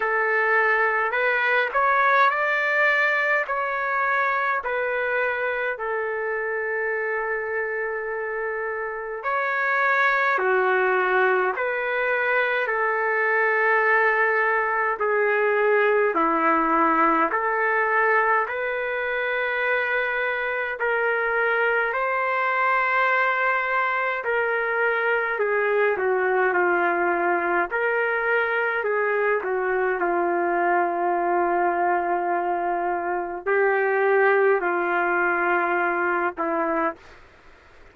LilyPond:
\new Staff \with { instrumentName = "trumpet" } { \time 4/4 \tempo 4 = 52 a'4 b'8 cis''8 d''4 cis''4 | b'4 a'2. | cis''4 fis'4 b'4 a'4~ | a'4 gis'4 e'4 a'4 |
b'2 ais'4 c''4~ | c''4 ais'4 gis'8 fis'8 f'4 | ais'4 gis'8 fis'8 f'2~ | f'4 g'4 f'4. e'8 | }